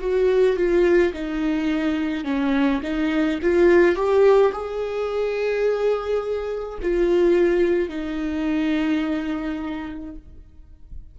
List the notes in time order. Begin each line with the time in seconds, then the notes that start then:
0.00 F#4
0.56 F4
1.13 D#4
2.24 C#4
2.83 D#4
3.42 F4
3.95 G4
4.52 G#4
6.82 F4
7.89 D#4